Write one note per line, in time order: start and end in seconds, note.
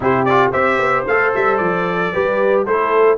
0.00 0.52 C3
0.00 0.26 E4
0.00 0.51 G4
0.00 0.24 C5
0.24 0.52 F4
0.24 0.51 D5
0.51 0.78 C4
0.51 1.05 G4
0.51 2.11 C5
0.51 1.05 E5
0.78 1.05 B3
1.06 1.33 A3
1.06 2.13 A4
1.06 1.34 F5
1.35 1.60 G3
1.35 1.57 E5
1.57 2.13 F3
1.57 2.63 D5
2.12 2.65 G3
2.12 2.66 G4
2.12 2.65 B4
2.65 3.17 A3
2.65 3.17 E4
2.65 3.17 A4
2.65 3.17 C5